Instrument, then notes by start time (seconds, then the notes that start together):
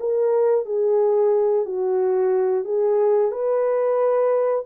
horn
0.00 A#4
0.66 G#4
1.66 F#4
2.65 G#4
3.32 B4